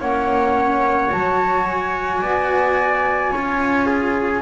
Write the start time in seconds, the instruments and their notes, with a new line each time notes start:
0.00 double bass A#3, cello C#4, trumpet C#5, flute F#5
1.10 double bass F#3, cello F#4, flute A5
1.67 flute G#5
2.22 double bass B3, trumpet D5
3.32 double bass C#4, cello F4, trumpet C#5
3.87 trumpet G#4